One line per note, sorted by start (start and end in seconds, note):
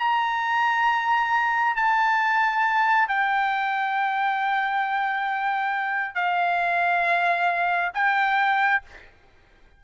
0.00 1.76 A#5
1.76 3.08 A5
3.08 6.15 G5
6.15 7.92 F5
7.94 8.82 G5